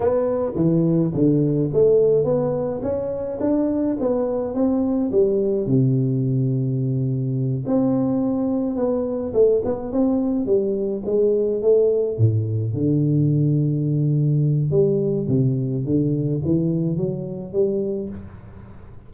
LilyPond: \new Staff \with { instrumentName = "tuba" } { \time 4/4 \tempo 4 = 106 b4 e4 d4 a4 | b4 cis'4 d'4 b4 | c'4 g4 c2~ | c4. c'2 b8~ |
b8 a8 b8 c'4 g4 gis8~ | gis8 a4 a,4 d4.~ | d2 g4 c4 | d4 e4 fis4 g4 | }